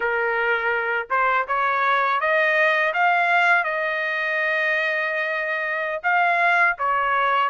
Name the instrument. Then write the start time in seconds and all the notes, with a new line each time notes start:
trumpet
0.00 A#4
1.10 C5
1.47 C#5
2.20 D#5
2.93 F5
3.64 D#5
6.03 F5
6.78 C#5